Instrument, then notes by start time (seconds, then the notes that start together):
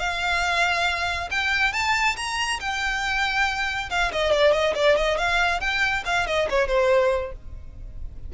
violin
0.00 F5
1.31 G5
1.73 A5
2.17 A#5
2.60 G5
3.90 F5
4.12 D#5
4.32 D5
4.53 D#5
4.75 D5
4.97 D#5
5.18 F5
5.61 G5
6.05 F5
6.27 D#5
6.50 C#5
6.68 C5